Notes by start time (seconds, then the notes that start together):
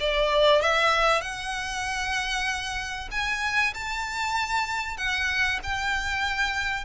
0.00 D5
0.62 E5
1.21 F#5
3.11 G#5
3.74 A5
4.97 F#5
5.63 G5